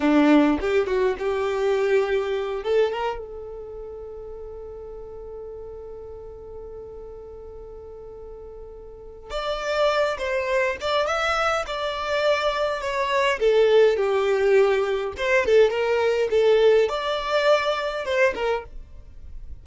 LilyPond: \new Staff \with { instrumentName = "violin" } { \time 4/4 \tempo 4 = 103 d'4 g'8 fis'8 g'2~ | g'8 a'8 ais'8 a'2~ a'8~ | a'1~ | a'1 |
d''4. c''4 d''8 e''4 | d''2 cis''4 a'4 | g'2 c''8 a'8 ais'4 | a'4 d''2 c''8 ais'8 | }